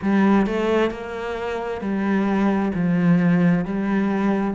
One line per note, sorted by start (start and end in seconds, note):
0.02 0.46 G3
0.46 0.90 A3
0.90 1.81 A#3
1.81 2.72 G3
2.74 3.65 F3
3.65 4.54 G3